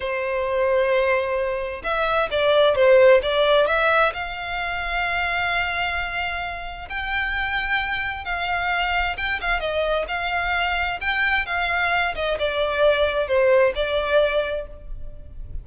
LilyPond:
\new Staff \with { instrumentName = "violin" } { \time 4/4 \tempo 4 = 131 c''1 | e''4 d''4 c''4 d''4 | e''4 f''2.~ | f''2. g''4~ |
g''2 f''2 | g''8 f''8 dis''4 f''2 | g''4 f''4. dis''8 d''4~ | d''4 c''4 d''2 | }